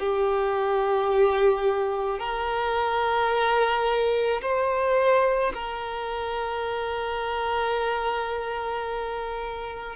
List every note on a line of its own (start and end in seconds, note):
0.00 2.20 G4
2.20 4.42 A#4
4.42 5.53 C5
5.55 9.96 A#4